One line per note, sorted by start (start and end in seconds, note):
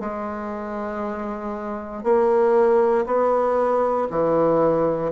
0.00 2.03 G#3
2.03 3.05 A#3
3.06 4.08 B3
4.10 5.12 E3